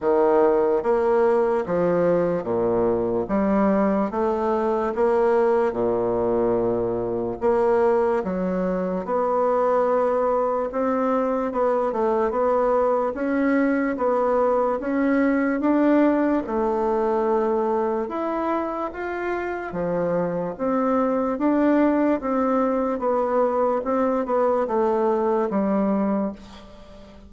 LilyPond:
\new Staff \with { instrumentName = "bassoon" } { \time 4/4 \tempo 4 = 73 dis4 ais4 f4 ais,4 | g4 a4 ais4 ais,4~ | ais,4 ais4 fis4 b4~ | b4 c'4 b8 a8 b4 |
cis'4 b4 cis'4 d'4 | a2 e'4 f'4 | f4 c'4 d'4 c'4 | b4 c'8 b8 a4 g4 | }